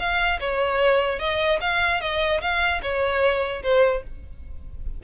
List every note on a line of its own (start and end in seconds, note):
0.00 0.40 F5
0.40 1.19 C#5
1.19 1.59 D#5
1.61 2.01 F5
2.01 2.41 D#5
2.42 2.82 F5
2.83 3.63 C#5
3.63 4.03 C5